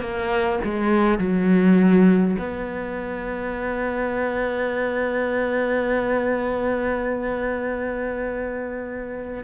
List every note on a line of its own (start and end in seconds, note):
0.00 0.59 A#3
0.64 1.18 G#3
1.18 2.36 F#3
2.38 9.43 B3